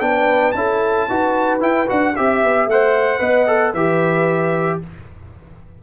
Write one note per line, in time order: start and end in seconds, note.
0.00 0.53 B3
0.00 0.53 D4
0.00 0.51 G5
0.07 0.56 B4
0.51 1.07 C#4
0.51 1.09 E4
0.51 1.08 A4
0.51 1.57 A5
1.08 1.61 D#4
1.08 1.60 F#4
1.08 2.14 B4
1.60 1.86 E4
1.60 1.87 E4
1.60 1.88 G5
1.87 2.17 D4
1.87 2.13 F#4
1.87 2.15 F#5
2.15 2.43 C4
2.15 2.69 G4
2.15 2.68 E5
2.15 3.20 E5
2.43 2.66 B3
2.66 3.19 A3
2.66 3.19 C5
2.66 3.73 F#5
3.19 3.73 B3
3.19 3.46 B4
3.19 3.71 D#5
3.47 3.73 A4
3.71 4.79 E3
3.71 4.82 G4
3.71 4.77 B4
3.71 4.80 E5